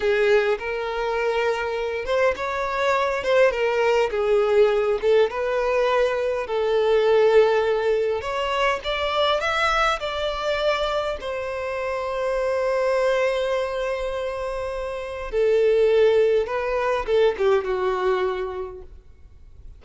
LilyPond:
\new Staff \with { instrumentName = "violin" } { \time 4/4 \tempo 4 = 102 gis'4 ais'2~ ais'8 c''8 | cis''4. c''8 ais'4 gis'4~ | gis'8 a'8 b'2 a'4~ | a'2 cis''4 d''4 |
e''4 d''2 c''4~ | c''1~ | c''2 a'2 | b'4 a'8 g'8 fis'2 | }